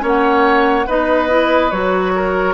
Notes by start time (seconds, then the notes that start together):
0.00 A#3 C#4 C#5
0.07 F#5
0.86 B3 D#4 B4 D#5
1.29 E4
1.71 F#3 F#4 C#5
2.15 A#4